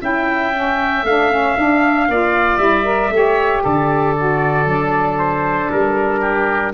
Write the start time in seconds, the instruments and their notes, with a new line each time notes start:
0.00 tuba C#4, saxophone E4, oboe E5, trumpet G5
0.53 saxophone C#4
1.03 tuba A3, saxophone D4, trumpet F5
1.31 saxophone C#4
1.56 saxophone D4, tuba D4
2.08 tuba A#3, saxophone F4, oboe D5
2.57 tuba G3, saxophone E4, trumpet E5
2.84 saxophone A#4
3.10 tuba A3, saxophone G4
3.16 oboe C#5
3.63 tuba D3, oboe A4, trumpet D5
4.16 saxophone F#4
4.65 tuba F#3, saxophone D4
5.18 trumpet C5
5.71 tuba G3, trumpet A#4
6.20 oboe G4